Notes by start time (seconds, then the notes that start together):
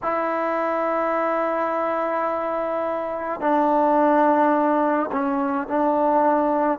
0.02 E4
3.40 D4
5.11 C#4
5.67 D4